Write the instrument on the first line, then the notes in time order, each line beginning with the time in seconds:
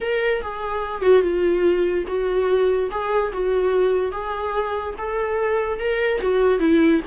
viola
0.01 A#4
0.41 G#4
1.02 F#4
1.21 F4
2.07 F#4
2.90 G#4
3.32 F#4
4.11 G#4
4.98 A4
5.79 A#4
6.21 F#4
6.59 E4